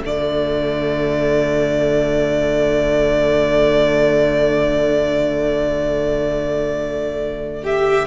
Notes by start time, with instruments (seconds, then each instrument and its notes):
0.00 cello D3, viola A3, violin F#4 D5
7.63 violin G4 E5